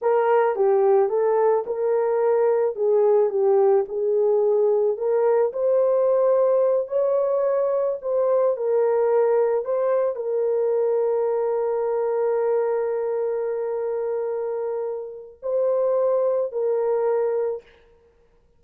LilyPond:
\new Staff \with { instrumentName = "horn" } { \time 4/4 \tempo 4 = 109 ais'4 g'4 a'4 ais'4~ | ais'4 gis'4 g'4 gis'4~ | gis'4 ais'4 c''2~ | c''8 cis''2 c''4 ais'8~ |
ais'4. c''4 ais'4.~ | ais'1~ | ais'1 | c''2 ais'2 | }